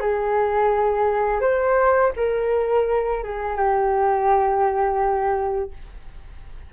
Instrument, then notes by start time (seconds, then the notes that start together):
flute
0.00 G#4
1.40 C5
2.16 A#4
3.23 G#4
3.56 G4